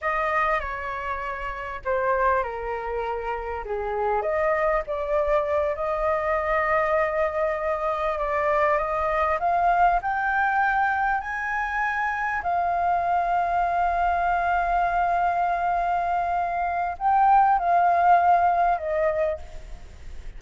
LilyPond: \new Staff \with { instrumentName = "flute" } { \time 4/4 \tempo 4 = 99 dis''4 cis''2 c''4 | ais'2 gis'4 dis''4 | d''4. dis''2~ dis''8~ | dis''4. d''4 dis''4 f''8~ |
f''8 g''2 gis''4.~ | gis''8 f''2.~ f''8~ | f''1 | g''4 f''2 dis''4 | }